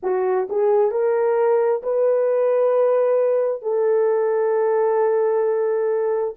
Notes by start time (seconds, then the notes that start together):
0.02 F#4
0.49 G#4
0.91 A#4
1.83 B4
3.62 A4